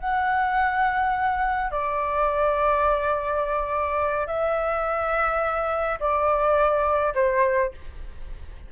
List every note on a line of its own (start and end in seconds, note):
0.00 1.71 F#5
1.71 4.27 D5
4.27 5.99 E5
6.00 7.14 D5
7.15 7.72 C5